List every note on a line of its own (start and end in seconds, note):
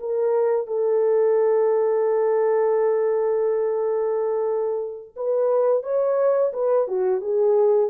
0.00 0.67 A#4
0.67 5.16 A4
5.17 5.83 B4
5.83 6.52 C#5
6.54 6.88 B4
6.88 7.21 F#4
7.21 7.90 G#4